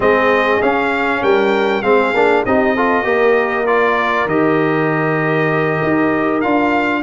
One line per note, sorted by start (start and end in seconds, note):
0.00 0.61 G#3
0.00 0.61 C4
0.00 1.22 G#4
0.00 0.61 D#5
0.62 1.22 C#4
0.62 1.82 C#4
0.62 1.23 F5
1.22 1.82 G3
1.22 1.83 A#4
1.22 1.82 G5
1.82 2.12 G#3
1.82 2.13 C4
1.82 2.45 G#4
1.82 2.43 F5
2.14 2.44 A#3
2.14 2.46 D4
2.45 3.04 C4
2.45 2.76 D#4
2.45 2.75 G4
2.45 3.66 D#5
2.75 3.03 F4
2.75 3.04 A4
3.03 4.26 A#3
3.03 3.65 G4
3.03 7.02 A#4
3.66 4.28 F4
3.66 4.27 D5
4.26 5.79 D#3
4.26 6.43 G4
4.26 6.41 D#5
5.82 6.44 D#4
6.41 7.03 D4
6.41 7.03 F4
6.41 7.02 F5